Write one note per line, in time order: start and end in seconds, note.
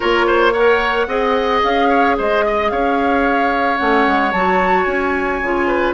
0.00 1.07 A#3
0.00 0.52 F4
0.00 0.26 A#4
0.00 0.53 C#5
0.26 0.52 C5
0.52 1.08 A#4
0.52 1.07 C#5
0.52 1.61 F#5
1.07 1.61 C4
1.07 3.78 G#4
1.07 1.88 D#5
1.62 2.18 C#4
1.62 2.17 F5
1.88 2.15 C#5
2.17 2.71 G#3
2.17 2.44 C5
2.17 2.69 D#5
2.46 2.71 D#5
2.69 3.79 C#4
2.69 5.67 C#5
2.69 3.77 F5
3.77 4.07 A3
3.77 4.32 C#4
3.77 4.31 F#5
4.07 4.32 G#3
4.32 4.86 F#3
4.32 5.43 F#4
4.32 4.83 A5
4.83 5.40 C#4
4.83 5.91 G#5
5.42 5.94 C#3
5.42 5.94 F4
5.67 5.94 B4